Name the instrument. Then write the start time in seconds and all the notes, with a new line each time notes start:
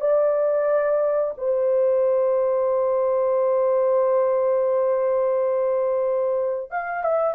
horn
0.00 D5
1.38 C5
6.71 F5
7.04 E5